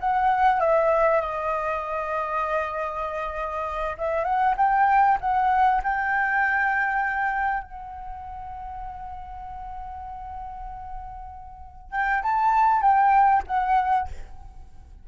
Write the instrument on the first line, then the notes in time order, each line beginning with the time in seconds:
flute
0.00 F#5
0.60 E5
1.21 D#5
3.98 E5
4.24 F#5
4.57 G5
5.20 F#5
5.83 G5
7.63 F#5
11.91 G5
12.23 A5
12.82 G5
13.47 F#5